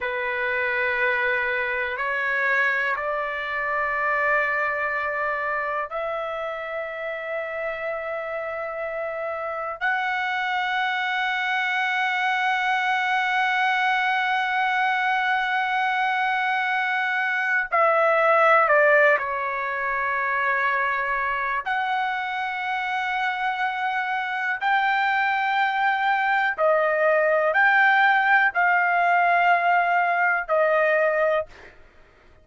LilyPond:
\new Staff \with { instrumentName = "trumpet" } { \time 4/4 \tempo 4 = 61 b'2 cis''4 d''4~ | d''2 e''2~ | e''2 fis''2~ | fis''1~ |
fis''2 e''4 d''8 cis''8~ | cis''2 fis''2~ | fis''4 g''2 dis''4 | g''4 f''2 dis''4 | }